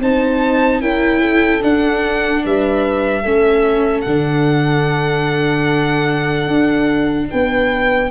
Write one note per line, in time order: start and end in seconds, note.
0.00 0.81 C4
0.00 0.82 D#4
0.00 0.82 C5
0.00 0.81 A5
0.81 1.62 C#4
0.81 1.61 E4
0.81 1.21 A#4
0.81 1.62 G5
1.21 2.42 A4
1.61 3.23 D4
1.61 2.45 D4
1.61 2.45 F#5
2.44 3.25 G3
2.44 3.22 B4
2.44 4.01 E5
3.22 4.06 A3
3.22 4.06 C#4
3.22 7.28 A4
4.01 6.48 D3
4.01 7.25 F#5
4.07 8.11 D4
6.48 7.29 D4
7.30 8.11 B3
7.30 8.11 B4
7.30 8.11 G5